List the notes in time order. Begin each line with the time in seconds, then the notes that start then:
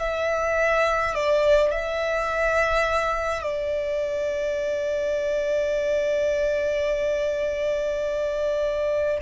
0.00 E5
1.15 D5
1.72 E5
3.43 D5